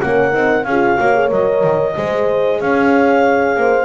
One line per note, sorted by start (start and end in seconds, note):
0.00 0.34 A#3
0.00 0.31 C#4
0.00 0.67 A#4
0.00 0.64 F#5
0.31 0.65 C4
0.31 0.63 D#4
0.64 0.97 C#4
0.64 0.98 G#4
0.64 1.28 F5
0.70 0.99 F4
0.98 1.31 A#3
0.98 1.14 F#4
0.98 1.94 C#5
1.14 1.28 G#4
1.28 1.63 F#3
1.28 1.92 A#4
1.28 2.60 D#5
1.63 1.96 D#3
1.94 2.60 G#3
1.94 3.85 G#4
1.94 2.61 C5
2.60 3.56 C#4
2.60 3.58 C#5
2.60 3.85 F5
3.56 3.85 A#3
3.56 3.85 C5